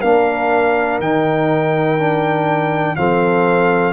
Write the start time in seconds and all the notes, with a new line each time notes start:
0.00 A#3 D4 A#4 F5
0.99 D#3 D#4 G5
1.98 D4
2.96 F3 C4 A4 F5